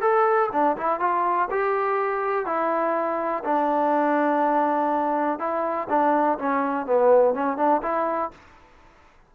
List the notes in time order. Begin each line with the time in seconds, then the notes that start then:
0.00 A4
0.52 D4
0.77 E4
0.99 F4
1.50 G4
2.45 E4
3.44 D4
5.38 E4
5.89 D4
6.38 C#4
6.86 B3
7.34 C#4
7.57 D4
7.82 E4